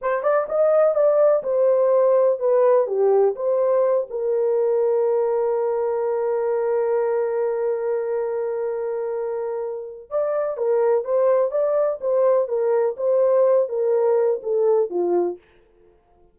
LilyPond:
\new Staff \with { instrumentName = "horn" } { \time 4/4 \tempo 4 = 125 c''8 d''8 dis''4 d''4 c''4~ | c''4 b'4 g'4 c''4~ | c''8 ais'2.~ ais'8~ | ais'1~ |
ais'1~ | ais'4 d''4 ais'4 c''4 | d''4 c''4 ais'4 c''4~ | c''8 ais'4. a'4 f'4 | }